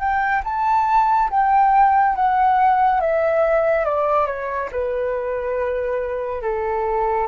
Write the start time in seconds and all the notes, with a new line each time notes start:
0.00 G5
0.44 A5
1.31 G5
2.16 F#5
3.01 E5
3.85 D5
4.27 C#5
4.72 B4
6.42 A4